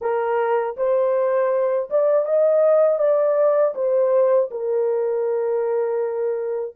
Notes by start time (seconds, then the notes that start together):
0.01 A#4
0.77 C5
1.90 D5
2.25 D#5
2.98 D5
3.74 C5
4.50 A#4